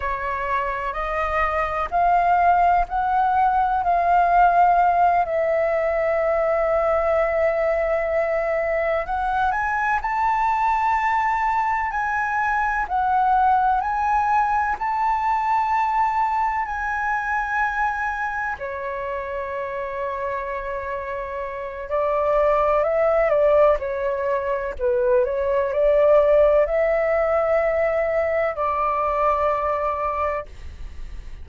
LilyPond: \new Staff \with { instrumentName = "flute" } { \time 4/4 \tempo 4 = 63 cis''4 dis''4 f''4 fis''4 | f''4. e''2~ e''8~ | e''4. fis''8 gis''8 a''4.~ | a''8 gis''4 fis''4 gis''4 a''8~ |
a''4. gis''2 cis''8~ | cis''2. d''4 | e''8 d''8 cis''4 b'8 cis''8 d''4 | e''2 d''2 | }